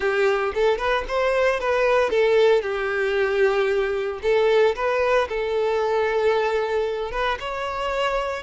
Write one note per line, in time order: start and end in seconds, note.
0.00 0.52 G4
0.54 0.78 A4
0.78 1.04 B4
1.08 1.59 C5
1.59 2.10 B4
2.10 2.61 A4
2.61 4.19 G4
4.22 4.75 A4
4.75 5.28 B4
5.28 7.11 A4
7.11 7.38 B4
7.39 8.42 C#5